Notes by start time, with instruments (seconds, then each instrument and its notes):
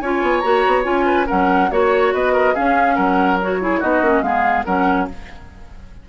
0.00 bassoon C#4, clarinet F4, oboe C#5, flute G#5
0.22 bassoon B3
0.40 bassoon A#3, clarinet F#4, flute A#5
0.66 bassoon B3
0.84 bassoon C#4, clarinet F4, flute G#5
1.06 oboe B4
1.27 bassoon F#3, clarinet C#4, oboe A#4, flute F#5
1.71 bassoon A#3, clarinet F#4, flute C#5, oboe C#5
2.13 bassoon B3, oboe B4, flute D#5
2.33 oboe A#4
2.54 clarinet C#4, bassoon C#4, oboe G#4, flute F5
2.95 bassoon F#3, oboe A#4, flute F#5
3.42 clarinet F#4, flute C#5
3.62 clarinet E4, oboe G#4
3.80 bassoon B3, clarinet D#4, oboe F#4, flute D#5
4.01 bassoon A#3, clarinet C#4
4.22 bassoon G#3, clarinet B3, oboe G#4, flute F5
4.65 bassoon F#3, clarinet C#4, oboe A#4, flute F#5